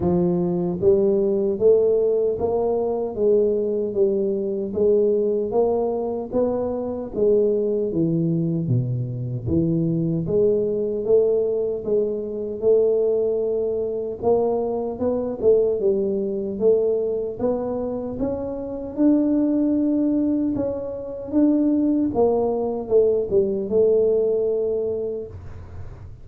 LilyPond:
\new Staff \with { instrumentName = "tuba" } { \time 4/4 \tempo 4 = 76 f4 g4 a4 ais4 | gis4 g4 gis4 ais4 | b4 gis4 e4 b,4 | e4 gis4 a4 gis4 |
a2 ais4 b8 a8 | g4 a4 b4 cis'4 | d'2 cis'4 d'4 | ais4 a8 g8 a2 | }